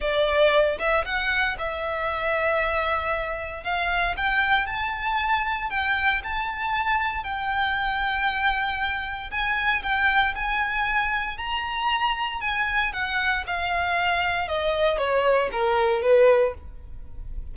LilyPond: \new Staff \with { instrumentName = "violin" } { \time 4/4 \tempo 4 = 116 d''4. e''8 fis''4 e''4~ | e''2. f''4 | g''4 a''2 g''4 | a''2 g''2~ |
g''2 gis''4 g''4 | gis''2 ais''2 | gis''4 fis''4 f''2 | dis''4 cis''4 ais'4 b'4 | }